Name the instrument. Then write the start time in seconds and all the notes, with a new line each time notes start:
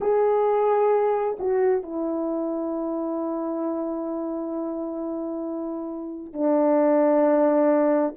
horn
0.00 G#4
1.39 F#4
1.83 E4
6.33 D4